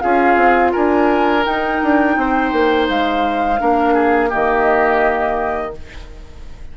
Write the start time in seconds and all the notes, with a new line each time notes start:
0.00 C#4 F4 G#4 F5
0.36 C4
0.72 D4 A#4 G#5
1.44 D#4 G5
1.82 D4
2.17 C4 C5
2.52 A#3
2.89 G#3 F5
3.58 A#3 D4 A#4
3.94 G#4
4.29 D#3 A#3 G4 D#5